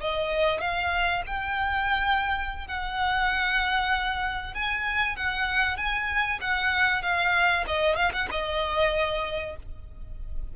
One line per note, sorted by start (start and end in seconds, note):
0.00 0.60 D#5
0.60 1.23 F5
1.26 2.67 G5
2.67 4.54 F#5
4.54 5.16 G#5
5.16 5.77 F#5
5.77 6.39 G#5
6.41 7.02 F#5
7.02 7.64 F5
7.66 7.96 D#5
7.96 8.11 F5
8.12 8.28 F#5
8.31 9.56 D#5